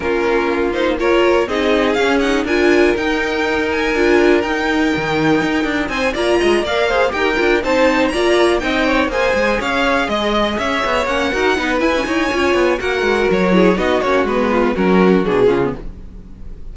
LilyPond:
<<
  \new Staff \with { instrumentName = "violin" } { \time 4/4 \tempo 4 = 122 ais'4. c''8 cis''4 dis''4 | f''8 fis''8 gis''4 g''4. gis''8~ | gis''4 g''2. | gis''8 ais''4 f''4 g''4 a''8~ |
a''8 ais''4 g''4 gis''4 f''8~ | f''8 dis''4 e''4 fis''4. | gis''2 fis''4 cis''4 | dis''8 cis''8 b'4 ais'4 gis'4 | }
  \new Staff \with { instrumentName = "violin" } { \time 4/4 f'2 ais'4 gis'4~ | gis'4 ais'2.~ | ais'1 | c''8 d''8 dis''8 d''8 c''8 ais'4 c''8~ |
c''8 d''4 dis''8 cis''8 c''4 cis''8~ | cis''8 dis''4 cis''4. ais'8 b'8~ | b'8 cis''4. ais'4. gis'8 | fis'4. f'8 fis'4. f'8 | }
  \new Staff \with { instrumentName = "viola" } { \time 4/4 cis'4. dis'8 f'4 dis'4 | cis'8 dis'8 f'4 dis'2 | f'4 dis'2.~ | dis'8 f'4 ais'8 gis'8 g'8 f'8 dis'8~ |
dis'8 f'4 dis'4 gis'4.~ | gis'2~ gis'8 cis'8 fis'8 dis'8 | e'16 cis'16 e'8 f'4 fis'4. e'8 | dis'8 cis'8 b4 cis'4 d'8 cis'16 b16 | }
  \new Staff \with { instrumentName = "cello" } { \time 4/4 ais2. c'4 | cis'4 d'4 dis'2 | d'4 dis'4 dis4 dis'8 d'8 | c'8 ais8 gis8 ais4 dis'8 d'8 c'8~ |
c'8 ais4 c'4 ais8 gis8 cis'8~ | cis'8 gis4 cis'8 b8 ais8 dis'8 b8 | e'8 dis'8 cis'8 b8 ais8 gis8 fis4 | b8 ais8 gis4 fis4 b,8 cis8 | }
>>